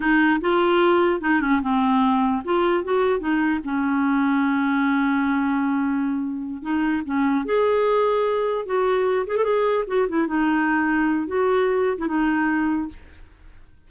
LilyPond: \new Staff \with { instrumentName = "clarinet" } { \time 4/4 \tempo 4 = 149 dis'4 f'2 dis'8 cis'8 | c'2 f'4 fis'4 | dis'4 cis'2.~ | cis'1~ |
cis'8 dis'4 cis'4 gis'4.~ | gis'4. fis'4. gis'16 a'16 gis'8~ | gis'8 fis'8 e'8 dis'2~ dis'8 | fis'4.~ fis'16 e'16 dis'2 | }